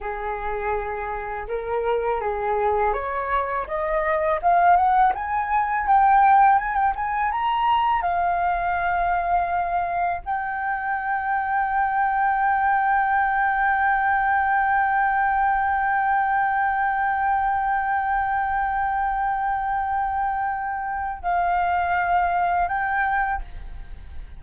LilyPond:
\new Staff \with { instrumentName = "flute" } { \time 4/4 \tempo 4 = 82 gis'2 ais'4 gis'4 | cis''4 dis''4 f''8 fis''8 gis''4 | g''4 gis''16 g''16 gis''8 ais''4 f''4~ | f''2 g''2~ |
g''1~ | g''1~ | g''1~ | g''4 f''2 g''4 | }